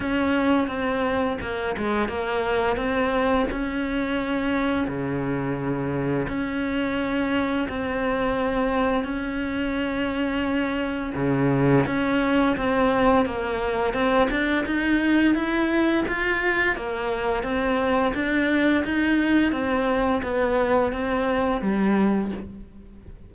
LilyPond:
\new Staff \with { instrumentName = "cello" } { \time 4/4 \tempo 4 = 86 cis'4 c'4 ais8 gis8 ais4 | c'4 cis'2 cis4~ | cis4 cis'2 c'4~ | c'4 cis'2. |
cis4 cis'4 c'4 ais4 | c'8 d'8 dis'4 e'4 f'4 | ais4 c'4 d'4 dis'4 | c'4 b4 c'4 g4 | }